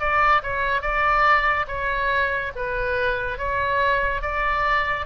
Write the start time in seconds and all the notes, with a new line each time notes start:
0.00 D5
0.43 C#5
0.82 D5
1.68 C#5
2.56 B4
3.38 C#5
4.22 D5